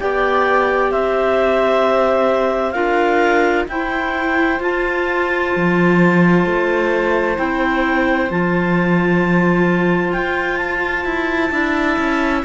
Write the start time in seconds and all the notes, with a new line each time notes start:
0.00 B3 G4 D5 G5
0.92 C4 C5 E5
2.72 D4 F4 A#4 F5
3.68 E4 C5 G5
4.60 F4 A5
5.56 F3
6.46 A3
7.36 C4 E4 G5
8.31 F3 F4 A5
10.13 F4 G5
10.57 A5
11.05 E4
11.52 D4 E4 E5
11.98 C#4